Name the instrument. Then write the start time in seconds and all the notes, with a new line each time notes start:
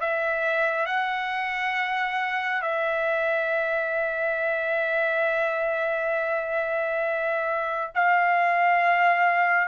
trumpet
0.00 E5
0.86 F#5
2.62 E5
7.95 F5